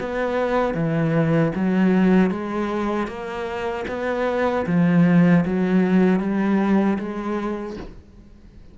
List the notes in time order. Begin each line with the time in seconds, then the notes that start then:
0.00 B3
0.74 E3
1.55 F#3
2.31 G#3
3.07 A#3
3.88 B3
4.67 F3
5.46 F#3
6.20 G3
6.99 G#3